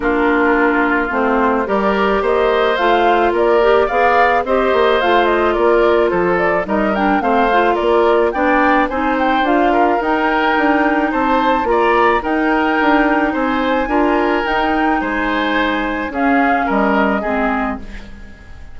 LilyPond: <<
  \new Staff \with { instrumentName = "flute" } { \time 4/4 \tempo 4 = 108 ais'2 c''4 d''4 | dis''4 f''4 d''4 f''4 | dis''4 f''8 dis''8 d''4 c''8 d''8 | dis''8 g''8 f''4 d''4 g''4 |
gis''8 g''8 f''4 g''2 | a''4 ais''4 g''2 | gis''2 g''4 gis''4~ | gis''4 f''4 dis''2 | }
  \new Staff \with { instrumentName = "oboe" } { \time 4/4 f'2. ais'4 | c''2 ais'4 d''4 | c''2 ais'4 a'4 | ais'4 c''4 ais'4 d''4 |
c''4. ais'2~ ais'8 | c''4 d''4 ais'2 | c''4 ais'2 c''4~ | c''4 gis'4 ais'4 gis'4 | }
  \new Staff \with { instrumentName = "clarinet" } { \time 4/4 d'2 c'4 g'4~ | g'4 f'4. g'8 gis'4 | g'4 f'2. | dis'8 d'8 c'8 f'4. d'4 |
dis'4 f'4 dis'2~ | dis'4 f'4 dis'2~ | dis'4 f'4 dis'2~ | dis'4 cis'2 c'4 | }
  \new Staff \with { instrumentName = "bassoon" } { \time 4/4 ais2 a4 g4 | ais4 a4 ais4 b4 | c'8 ais8 a4 ais4 f4 | g4 a4 ais4 b4 |
c'4 d'4 dis'4 d'4 | c'4 ais4 dis'4 d'4 | c'4 d'4 dis'4 gis4~ | gis4 cis'4 g4 gis4 | }
>>